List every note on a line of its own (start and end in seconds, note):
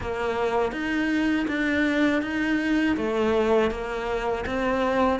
0.00 0.72 A#3
0.72 1.46 D#4
1.47 2.22 D4
2.22 2.96 D#4
2.96 3.70 A3
3.70 4.44 A#3
4.46 5.19 C4